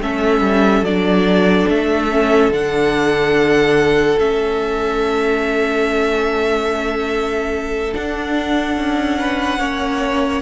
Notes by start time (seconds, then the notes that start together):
0.00 A3 C#4 A4 E5
0.41 G3
0.82 F#3 D4 D5
1.69 A3 E5
2.11 C#4
2.50 D3 D4 F#5
4.19 A3 C#4 E5
7.93 D4 F#5
8.77 C#4
9.19 B4
9.59 A#3 C#4 C#5